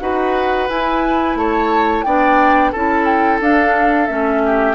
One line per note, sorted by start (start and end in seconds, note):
0.00 0.70 D#4
0.00 0.69 F#4
0.00 1.39 B4
0.00 0.68 F#5
0.69 1.35 E4
0.69 2.06 E4
0.69 1.37 G#5
1.35 2.04 A3
1.35 2.06 C#5
1.35 2.03 A5
2.03 2.74 B3
2.03 2.74 D4
2.03 2.72 D5
2.03 2.71 G5
2.72 3.41 C#4
2.72 3.42 E4
2.72 4.42 A4
2.72 3.06 A5
3.06 3.40 G5
3.41 4.09 D4
3.41 4.08 D4
3.41 4.08 F5
4.08 4.75 A3
4.08 4.75 C#4
4.08 4.75 E5
4.46 4.75 G4